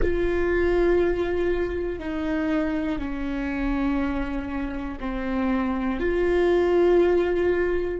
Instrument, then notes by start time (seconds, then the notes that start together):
viola
0.01 F4
1.99 D#4
2.99 C#4
5.00 C4
6.00 F4